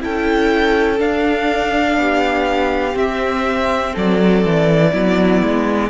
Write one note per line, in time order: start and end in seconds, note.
0.00 1.00 C#4
0.00 0.98 E4
0.00 1.99 A4
0.00 1.00 G5
0.98 2.93 D4
0.98 1.97 D4
0.98 2.97 F5
1.97 2.95 B3
1.97 3.92 G4
2.93 4.90 C4
2.93 3.94 C4
2.93 3.95 E5
3.92 4.45 F#3
3.92 4.91 A4
3.92 5.90 D5
4.45 4.93 E3
4.92 5.42 F#3
4.92 5.90 B3
4.92 5.90 E4
5.42 5.90 G#3